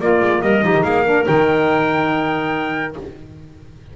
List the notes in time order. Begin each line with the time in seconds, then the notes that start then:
0.00 A#3 F4 D5
0.20 G#3
0.42 G3 A#4 D#5
0.62 F3 D#4 G4
0.74 D#3
0.83 A#3 G#4 F5
1.04 D4 A#4
1.25 D#3 D#4 G5